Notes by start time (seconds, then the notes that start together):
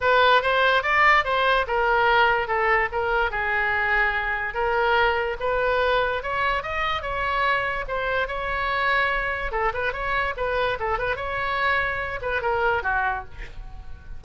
0.00 B4
0.42 C5
0.83 D5
1.24 C5
1.67 A#4
2.47 A4
2.92 A#4
3.30 G#4
4.54 A#4
5.40 B4
6.22 C#5
6.62 D#5
7.02 C#5
7.87 C5
8.27 C#5
9.51 A4
9.73 B4
9.92 C#5
10.36 B4
10.79 A4
10.98 B4
11.16 C#5
12.21 B4
12.41 A#4
12.83 F#4